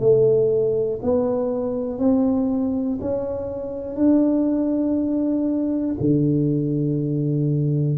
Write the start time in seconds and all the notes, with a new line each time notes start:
0.00 A3
1.02 B3
1.99 C4
3.01 C#4
3.96 D4
6.00 D3